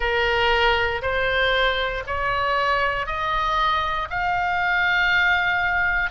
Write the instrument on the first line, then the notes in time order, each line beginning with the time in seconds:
oboe
0.00 A#4
1.02 C5
2.07 C#5
3.06 D#5
4.10 F5